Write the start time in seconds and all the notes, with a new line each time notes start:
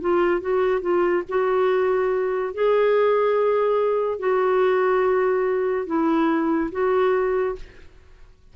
0.00 F4
0.40 F#4
0.81 F4
1.28 F#4
2.53 G#4
4.19 F#4
5.86 E4
6.71 F#4